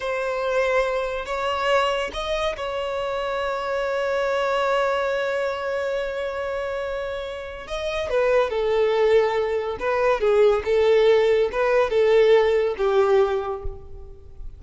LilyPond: \new Staff \with { instrumentName = "violin" } { \time 4/4 \tempo 4 = 141 c''2. cis''4~ | cis''4 dis''4 cis''2~ | cis''1~ | cis''1~ |
cis''2 dis''4 b'4 | a'2. b'4 | gis'4 a'2 b'4 | a'2 g'2 | }